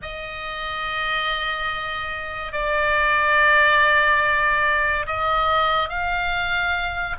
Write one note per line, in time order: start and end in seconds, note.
0.02 2.52 D#5
2.52 5.06 D5
5.06 5.89 D#5
5.89 7.16 F5